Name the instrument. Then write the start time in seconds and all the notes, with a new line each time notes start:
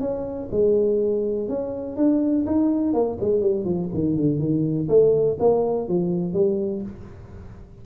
tuba
0.00 C#4
0.51 G#3
1.48 C#4
1.96 D4
2.46 D#4
2.93 A#3
3.20 G#3
3.41 G3
3.64 F3
3.94 D#3
4.16 D3
4.39 D#3
4.88 A3
5.39 A#3
5.88 F3
6.33 G3